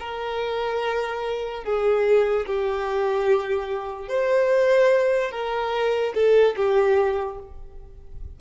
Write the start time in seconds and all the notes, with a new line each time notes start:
0.00 A#4
1.64 G#4
2.47 G4
4.09 C5
5.32 A#4
6.15 A4
6.57 G4